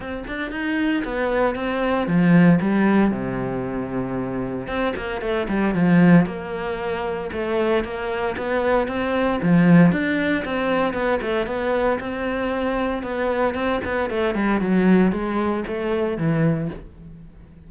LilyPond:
\new Staff \with { instrumentName = "cello" } { \time 4/4 \tempo 4 = 115 c'8 d'8 dis'4 b4 c'4 | f4 g4 c2~ | c4 c'8 ais8 a8 g8 f4 | ais2 a4 ais4 |
b4 c'4 f4 d'4 | c'4 b8 a8 b4 c'4~ | c'4 b4 c'8 b8 a8 g8 | fis4 gis4 a4 e4 | }